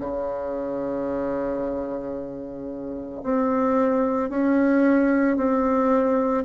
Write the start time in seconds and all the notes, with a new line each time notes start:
0.00 C#3
3.23 C4
4.30 C#4
5.37 C4